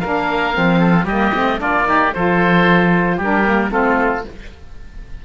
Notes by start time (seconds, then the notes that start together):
0.00 A#3 D4 A#4 F5
0.53 F3 C4
0.80 A4
1.05 G3 A#3 G4 D#5
1.34 A3 C4
1.58 A#3 D4 F4 D5
1.85 D#4 G4
2.13 F3 F4 A4 C5
3.17 G3 D4 G4
3.24 A#4
3.45 A#3
3.71 A3 C4 F4 A4